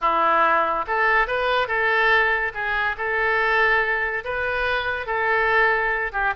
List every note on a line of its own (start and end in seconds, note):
0.01 0.85 E4
0.87 1.27 A4
1.27 1.67 B4
1.67 2.52 A4
2.54 2.96 G#4
2.97 4.24 A4
4.24 5.06 B4
5.06 6.12 A4
6.12 6.33 G4